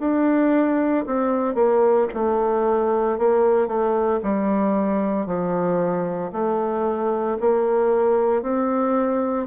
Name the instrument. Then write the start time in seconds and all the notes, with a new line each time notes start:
bassoon
0.00 D4
1.07 C4
1.55 A#3
2.14 A3
3.19 A#3
3.67 A3
4.23 G3
5.26 F3
6.33 A3
7.41 A#3
8.43 C4